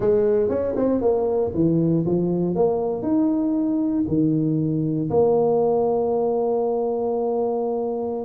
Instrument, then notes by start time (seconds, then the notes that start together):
tuba
0.00 G#3
0.49 C#4
0.76 C4
1.01 A#3
1.54 E3
2.05 F3
2.55 A#3
3.02 D#4
4.07 D#3
5.10 A#3